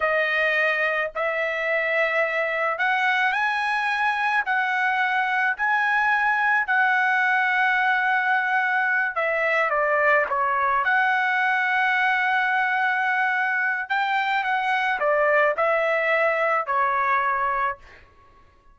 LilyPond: \new Staff \with { instrumentName = "trumpet" } { \time 4/4 \tempo 4 = 108 dis''2 e''2~ | e''4 fis''4 gis''2 | fis''2 gis''2 | fis''1~ |
fis''8 e''4 d''4 cis''4 fis''8~ | fis''1~ | fis''4 g''4 fis''4 d''4 | e''2 cis''2 | }